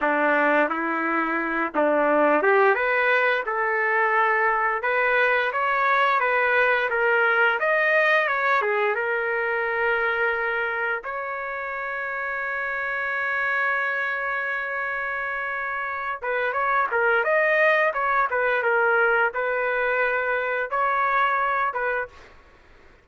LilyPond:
\new Staff \with { instrumentName = "trumpet" } { \time 4/4 \tempo 4 = 87 d'4 e'4. d'4 g'8 | b'4 a'2 b'4 | cis''4 b'4 ais'4 dis''4 | cis''8 gis'8 ais'2. |
cis''1~ | cis''2.~ cis''8 b'8 | cis''8 ais'8 dis''4 cis''8 b'8 ais'4 | b'2 cis''4. b'8 | }